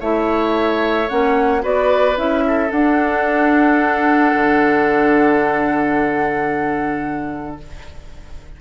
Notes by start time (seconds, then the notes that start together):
0.00 A3 E4 C#5 E5
1.09 A#3 C#4 F#5
1.61 B3 F#4 B4 D5
2.16 C#4 E4 E5
2.47 A4
2.71 D4 F#5
4.35 D3